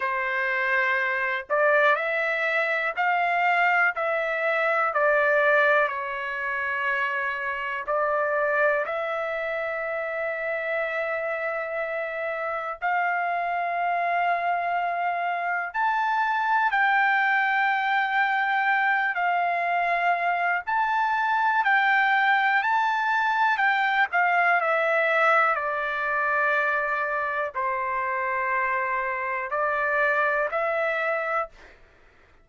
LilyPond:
\new Staff \with { instrumentName = "trumpet" } { \time 4/4 \tempo 4 = 61 c''4. d''8 e''4 f''4 | e''4 d''4 cis''2 | d''4 e''2.~ | e''4 f''2. |
a''4 g''2~ g''8 f''8~ | f''4 a''4 g''4 a''4 | g''8 f''8 e''4 d''2 | c''2 d''4 e''4 | }